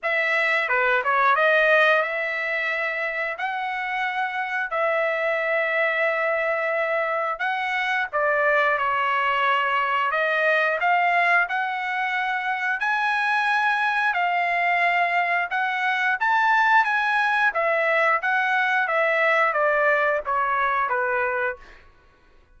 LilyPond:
\new Staff \with { instrumentName = "trumpet" } { \time 4/4 \tempo 4 = 89 e''4 b'8 cis''8 dis''4 e''4~ | e''4 fis''2 e''4~ | e''2. fis''4 | d''4 cis''2 dis''4 |
f''4 fis''2 gis''4~ | gis''4 f''2 fis''4 | a''4 gis''4 e''4 fis''4 | e''4 d''4 cis''4 b'4 | }